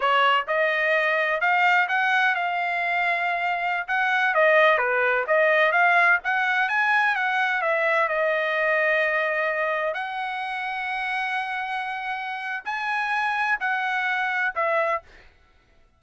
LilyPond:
\new Staff \with { instrumentName = "trumpet" } { \time 4/4 \tempo 4 = 128 cis''4 dis''2 f''4 | fis''4 f''2.~ | f''16 fis''4 dis''4 b'4 dis''8.~ | dis''16 f''4 fis''4 gis''4 fis''8.~ |
fis''16 e''4 dis''2~ dis''8.~ | dis''4~ dis''16 fis''2~ fis''8.~ | fis''2. gis''4~ | gis''4 fis''2 e''4 | }